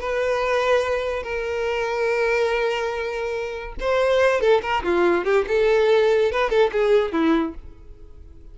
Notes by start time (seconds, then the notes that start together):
0.00 B4
1.22 A#4
3.80 C5
4.40 A4
4.62 A#4
4.83 F4
5.24 G4
5.47 A4
6.31 B4
6.49 A4
6.72 G#4
7.12 E4